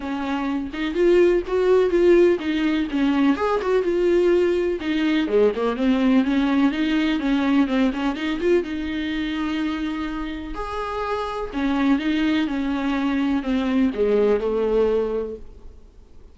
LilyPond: \new Staff \with { instrumentName = "viola" } { \time 4/4 \tempo 4 = 125 cis'4. dis'8 f'4 fis'4 | f'4 dis'4 cis'4 gis'8 fis'8 | f'2 dis'4 gis8 ais8 | c'4 cis'4 dis'4 cis'4 |
c'8 cis'8 dis'8 f'8 dis'2~ | dis'2 gis'2 | cis'4 dis'4 cis'2 | c'4 gis4 a2 | }